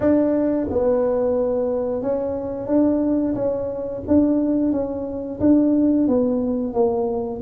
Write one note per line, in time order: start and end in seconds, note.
0.00 0.67 D4
0.69 2.01 B3
2.01 2.67 C#4
2.67 3.34 D4
3.35 4.02 C#4
4.07 4.72 D4
4.72 5.39 C#4
5.40 6.07 D4
6.07 6.73 B3
6.73 7.41 A#3